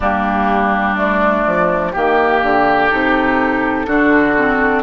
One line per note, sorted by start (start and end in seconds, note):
0.00 1.44 G3
0.00 0.96 A#3
0.00 1.92 D4
0.00 0.97 G4
0.96 1.93 A3
0.96 1.92 D5
1.46 1.94 F3
1.92 2.43 D#3
1.92 2.91 A#3
1.92 2.89 G4
1.92 3.86 G4
2.43 2.91 D3
2.89 3.87 C3
2.89 3.87 D#4
2.89 4.82 A4
3.87 4.82 D3
3.87 4.35 D4
3.87 4.82 F#4
4.36 4.82 C4